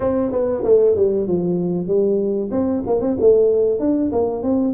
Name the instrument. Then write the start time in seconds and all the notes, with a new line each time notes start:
tuba
0.00 C4
0.31 B3
0.64 A3
0.95 G3
1.27 F3
1.87 G3
2.51 C4
2.86 A#3
3.01 C4
3.20 A3
3.79 D4
4.12 A#3
4.42 C4